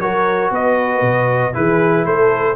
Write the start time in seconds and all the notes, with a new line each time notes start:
0.00 F#3 F#4 A#4 C#5
0.51 B3 B4 D#5
1.01 B2
1.53 E3 E4 G#4 B4
2.05 A3 A4 C5